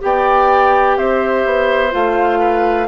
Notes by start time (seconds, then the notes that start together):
0.00 B3 G4 D5 G5
0.97 C4 C5 E5
1.45 B3
1.91 A3 F4 F5
2.39 B4